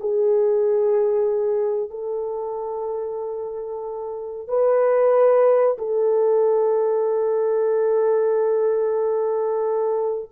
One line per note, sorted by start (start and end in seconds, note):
0.00 1.90 G#4
1.90 4.48 A4
4.48 5.77 B4
5.78 10.29 A4